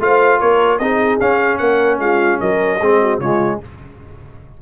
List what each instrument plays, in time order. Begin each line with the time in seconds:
0.00 tuba A3, trombone F4, horn C5, trumpet F5
0.40 tuba A#3, horn A#4, trumpet C#5
0.79 tuba C4, trombone D#4, horn G#4, trumpet D#5
1.20 trombone C#4, tuba C#4, trumpet F5
1.58 tuba A#3, horn A#4, trumpet F#5
1.99 tuba G#3, horn F4, trumpet F5
2.40 tuba F#3, horn A#4, trumpet D#5
2.80 tuba G#3, trombone C4, horn G#4
3.01 horn F#4
3.20 tuba C#3, trombone G#3, horn F4, trumpet C#5